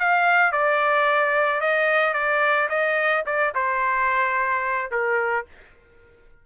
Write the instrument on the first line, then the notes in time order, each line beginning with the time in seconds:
trumpet
0.00 F5
0.52 D5
1.61 D#5
2.14 D5
2.70 D#5
3.27 D5
3.55 C5
4.92 A#4